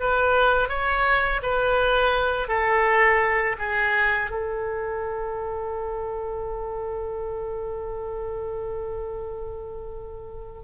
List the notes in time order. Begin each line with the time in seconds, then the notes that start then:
0.00 B4
0.69 C#5
1.42 B4
2.48 A4
3.58 G#4
4.30 A4